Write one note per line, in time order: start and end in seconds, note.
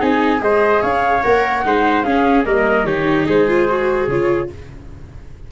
0.00 0.41 C4
0.00 0.39 D#4
0.00 0.41 G#4
0.00 0.43 G#5
0.39 0.82 G#3
0.39 1.21 G#4
0.39 0.82 C5
0.39 0.83 D#5
0.82 1.24 C#4
0.82 1.64 C#5
0.82 1.23 F5
1.23 1.65 A#3
1.23 1.64 A#4
1.23 2.03 F#5
1.65 2.06 G#3
1.65 2.04 D#4
1.65 2.05 C5
2.03 2.44 C#4
2.03 2.46 C#4
2.03 2.46 G#4
2.03 2.44 F5
2.44 2.84 G3
2.44 2.85 A#3
2.44 2.87 A#4
2.44 2.86 D#5
2.84 3.25 D#3
2.84 3.48 D#4
2.84 3.27 G4
2.84 3.27 C#5
3.27 4.08 G#3
3.27 4.49 G#4
3.27 4.09 C5
3.48 3.69 F4
3.69 4.09 F#4
4.08 4.49 C#3
4.08 4.52 F4
4.08 4.50 C#5